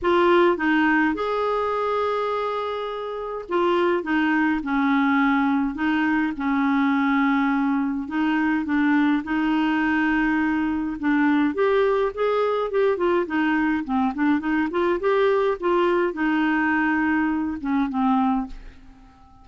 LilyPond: \new Staff \with { instrumentName = "clarinet" } { \time 4/4 \tempo 4 = 104 f'4 dis'4 gis'2~ | gis'2 f'4 dis'4 | cis'2 dis'4 cis'4~ | cis'2 dis'4 d'4 |
dis'2. d'4 | g'4 gis'4 g'8 f'8 dis'4 | c'8 d'8 dis'8 f'8 g'4 f'4 | dis'2~ dis'8 cis'8 c'4 | }